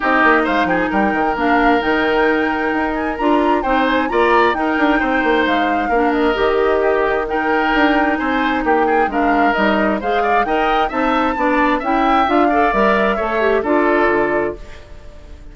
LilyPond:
<<
  \new Staff \with { instrumentName = "flute" } { \time 4/4 \tempo 4 = 132 dis''4 f''8 g''16 gis''16 g''4 f''4 | g''2~ g''8 gis''8 ais''4 | g''8 gis''8 ais''4 g''2 | f''4. dis''2~ dis''8 |
g''2 gis''4 g''4 | f''4 dis''4 f''4 g''4 | a''2 g''4 f''4 | e''2 d''2 | }
  \new Staff \with { instrumentName = "oboe" } { \time 4/4 g'4 c''8 gis'8 ais'2~ | ais'1 | c''4 d''4 ais'4 c''4~ | c''4 ais'2 g'4 |
ais'2 c''4 g'8 gis'8 | ais'2 c''8 d''8 dis''4 | e''4 d''4 e''4. d''8~ | d''4 cis''4 a'2 | }
  \new Staff \with { instrumentName = "clarinet" } { \time 4/4 dis'2. d'4 | dis'2. f'4 | dis'4 f'4 dis'2~ | dis'4 d'4 g'2 |
dis'1 | d'4 dis'4 gis'4 ais'4 | dis'4 d'4 e'4 f'8 a'8 | ais'4 a'8 g'8 f'2 | }
  \new Staff \with { instrumentName = "bassoon" } { \time 4/4 c'8 ais8 gis8 f8 g8 dis8 ais4 | dis2 dis'4 d'4 | c'4 ais4 dis'8 d'8 c'8 ais8 | gis4 ais4 dis2~ |
dis4 d'4 c'4 ais4 | gis4 g4 gis4 dis'4 | c'4 b4 cis'4 d'4 | g4 a4 d'4 d4 | }
>>